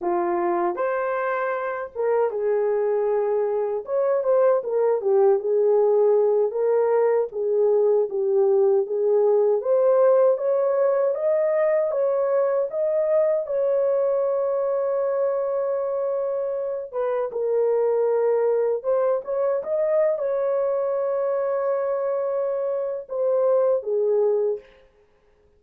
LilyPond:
\new Staff \with { instrumentName = "horn" } { \time 4/4 \tempo 4 = 78 f'4 c''4. ais'8 gis'4~ | gis'4 cis''8 c''8 ais'8 g'8 gis'4~ | gis'8 ais'4 gis'4 g'4 gis'8~ | gis'8 c''4 cis''4 dis''4 cis''8~ |
cis''8 dis''4 cis''2~ cis''8~ | cis''2 b'8 ais'4.~ | ais'8 c''8 cis''8 dis''8. cis''4.~ cis''16~ | cis''2 c''4 gis'4 | }